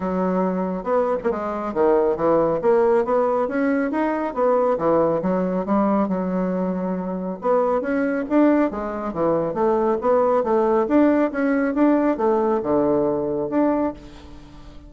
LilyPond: \new Staff \with { instrumentName = "bassoon" } { \time 4/4 \tempo 4 = 138 fis2 b8. ais16 gis4 | dis4 e4 ais4 b4 | cis'4 dis'4 b4 e4 | fis4 g4 fis2~ |
fis4 b4 cis'4 d'4 | gis4 e4 a4 b4 | a4 d'4 cis'4 d'4 | a4 d2 d'4 | }